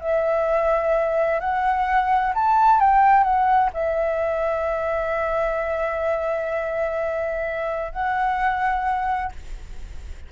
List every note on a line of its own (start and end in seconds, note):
0.00 1.40 E5
1.40 2.33 F#5
2.34 2.79 A5
2.79 3.23 G5
3.23 3.70 F#5
3.73 7.92 E5
7.92 9.32 F#5